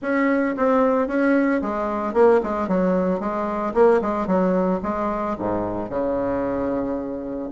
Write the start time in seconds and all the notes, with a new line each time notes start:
0.01 C#4
0.56 C4
1.07 C#4
1.61 G#3
2.13 A#3
2.43 G#3
2.68 F#3
3.20 G#3
3.74 A#3
4.01 G#3
4.26 F#3
4.82 G#3
5.38 G#2
5.89 C#3